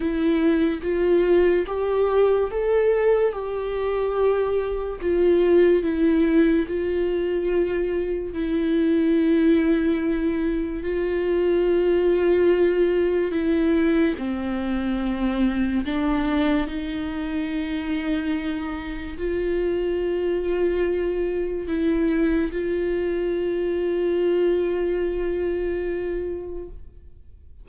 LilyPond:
\new Staff \with { instrumentName = "viola" } { \time 4/4 \tempo 4 = 72 e'4 f'4 g'4 a'4 | g'2 f'4 e'4 | f'2 e'2~ | e'4 f'2. |
e'4 c'2 d'4 | dis'2. f'4~ | f'2 e'4 f'4~ | f'1 | }